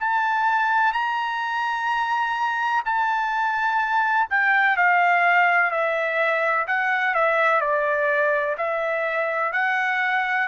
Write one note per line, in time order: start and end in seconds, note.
0.00 0.92 A5
0.92 2.83 A#5
2.85 4.28 A5
4.30 4.77 G5
4.77 5.71 F5
5.71 6.66 E5
6.67 7.14 F#5
7.14 7.61 E5
7.61 8.56 D5
8.57 9.52 E5
9.52 10.47 F#5